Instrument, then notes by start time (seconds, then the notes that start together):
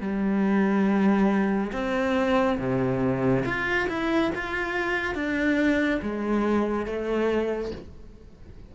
cello
0.00 G3
1.72 C4
2.58 C3
3.45 F4
3.88 E4
4.34 F4
5.14 D4
6.02 G#3
6.86 A3